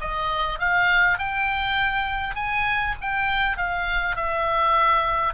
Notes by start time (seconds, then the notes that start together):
0.00 D#5
0.59 F5
1.18 G5
2.35 G#5
3.01 G5
3.57 F5
4.15 E5